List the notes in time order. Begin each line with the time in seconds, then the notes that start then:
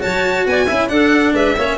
0.00 F#3 F#4 C#5 A5
0.46 B3 D5 G#5
0.66 C#4 E4 E5
0.88 D4 A4 F#5
1.32 G#3 B4 E5
1.57 A#3 C#4 C#5